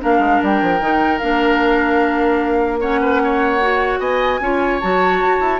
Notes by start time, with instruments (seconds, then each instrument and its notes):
0.00 bassoon A#3, clarinet D4, oboe A#4, flute F5
0.19 bassoon G#3
0.43 bassoon G3, flute G5
0.62 bassoon F3
0.80 bassoon D#3, clarinet D#4
1.19 bassoon A#3, clarinet D4, flute F5
2.80 clarinet C#4, oboe C#5, flute F#5
3.01 oboe B4
3.24 oboe C#5
3.61 clarinet F#4
3.99 bassoon B3, oboe D#5, flute G#5
4.41 bassoon C#4, clarinet F4, oboe C#5
4.80 bassoon F#3, clarinet F#4, flute A5
5.22 bassoon F#4
5.40 bassoon E4